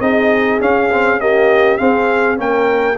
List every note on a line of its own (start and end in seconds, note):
0.00 0.59 C4
0.00 0.60 D#4
0.00 1.20 G#4
0.00 0.60 D#5
0.60 0.90 C#4
0.60 1.80 C#4
0.60 1.20 F5
0.92 1.19 C4
1.19 1.78 A#3
1.19 1.79 G4
1.19 1.77 D#5
1.77 2.36 C4
1.77 2.39 C4
1.77 2.38 G#4
1.77 2.37 F5
2.36 2.98 A#3
2.36 2.96 C#4
2.36 2.98 A#4
2.36 2.98 G5